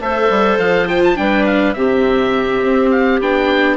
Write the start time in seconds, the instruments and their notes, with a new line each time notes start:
0.00 bassoon A3, viola A4, clarinet C5, oboe E5
0.30 bassoon G3
0.58 bassoon F3, oboe F5
0.87 viola F4, oboe G5
1.04 oboe A5
1.16 bassoon G3, viola D4, clarinet B4, oboe G5
1.46 oboe F5
1.74 bassoon C3, viola C4, clarinet G4, oboe E5
2.63 bassoon C4
2.91 oboe F5
3.21 bassoon B3, viola D4, oboe G5